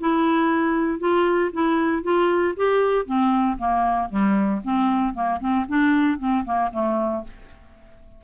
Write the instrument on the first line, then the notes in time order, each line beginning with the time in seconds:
clarinet
0.00 E4
0.99 F4
1.53 E4
2.03 F4
2.57 G4
3.06 C4
3.58 A#3
4.09 G3
4.64 C4
5.14 A#3
5.40 C4
5.68 D4
6.18 C4
6.45 A#3
6.72 A3